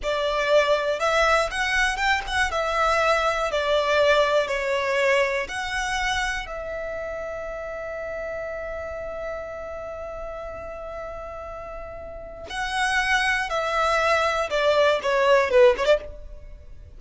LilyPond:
\new Staff \with { instrumentName = "violin" } { \time 4/4 \tempo 4 = 120 d''2 e''4 fis''4 | g''8 fis''8 e''2 d''4~ | d''4 cis''2 fis''4~ | fis''4 e''2.~ |
e''1~ | e''1~ | e''4 fis''2 e''4~ | e''4 d''4 cis''4 b'8 cis''16 d''16 | }